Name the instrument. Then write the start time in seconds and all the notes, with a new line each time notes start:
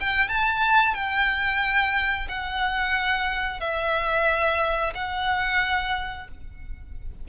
violin
0.00 G5
0.28 A5
0.94 G5
2.28 F#5
3.60 E5
4.95 F#5